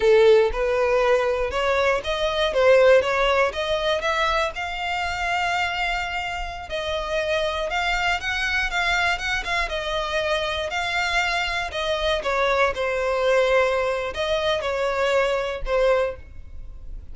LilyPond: \new Staff \with { instrumentName = "violin" } { \time 4/4 \tempo 4 = 119 a'4 b'2 cis''4 | dis''4 c''4 cis''4 dis''4 | e''4 f''2.~ | f''4~ f''16 dis''2 f''8.~ |
f''16 fis''4 f''4 fis''8 f''8 dis''8.~ | dis''4~ dis''16 f''2 dis''8.~ | dis''16 cis''4 c''2~ c''8. | dis''4 cis''2 c''4 | }